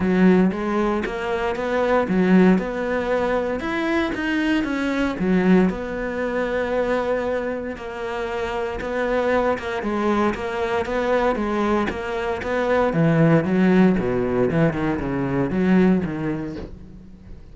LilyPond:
\new Staff \with { instrumentName = "cello" } { \time 4/4 \tempo 4 = 116 fis4 gis4 ais4 b4 | fis4 b2 e'4 | dis'4 cis'4 fis4 b4~ | b2. ais4~ |
ais4 b4. ais8 gis4 | ais4 b4 gis4 ais4 | b4 e4 fis4 b,4 | e8 dis8 cis4 fis4 dis4 | }